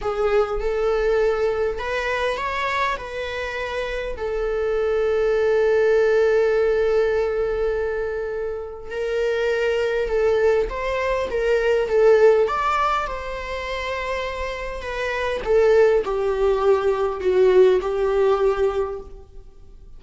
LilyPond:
\new Staff \with { instrumentName = "viola" } { \time 4/4 \tempo 4 = 101 gis'4 a'2 b'4 | cis''4 b'2 a'4~ | a'1~ | a'2. ais'4~ |
ais'4 a'4 c''4 ais'4 | a'4 d''4 c''2~ | c''4 b'4 a'4 g'4~ | g'4 fis'4 g'2 | }